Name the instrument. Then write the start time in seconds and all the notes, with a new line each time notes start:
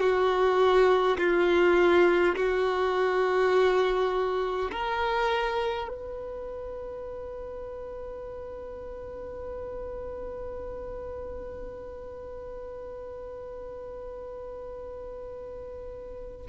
violin
0.00 F#4
1.18 F4
2.36 F#4
4.71 A#4
5.88 B4